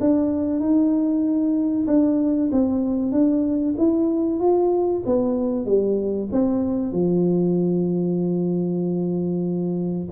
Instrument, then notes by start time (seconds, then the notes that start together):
tuba
0.00 D4
0.60 D#4
1.87 D4
2.52 C4
3.11 D4
3.78 E4
4.40 F4
5.06 B3
5.65 G3
6.32 C4
6.92 F3